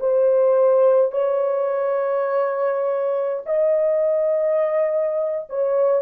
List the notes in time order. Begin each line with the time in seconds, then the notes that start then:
0.00 C5
1.12 C#5
3.46 D#5
5.50 C#5